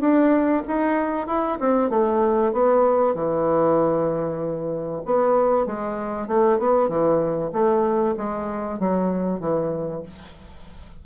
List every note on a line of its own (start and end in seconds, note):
0.00 0.62 D4
0.67 1.26 D#4
1.26 1.58 E4
1.59 1.90 C4
1.90 2.52 A3
2.53 3.14 B3
3.14 5.02 E3
5.05 5.66 B3
5.66 6.27 G#3
6.27 6.58 A3
6.58 6.88 B3
6.88 7.51 E3
7.52 8.15 A3
8.16 8.79 G#3
8.79 9.40 F#3
9.40 10.02 E3